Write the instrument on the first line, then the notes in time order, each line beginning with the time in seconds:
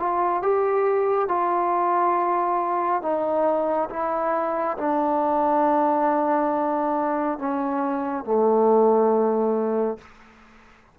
trombone
0.00 F4
0.43 G4
1.29 F4
3.03 D#4
3.90 E4
4.78 D4
7.39 C#4
8.25 A3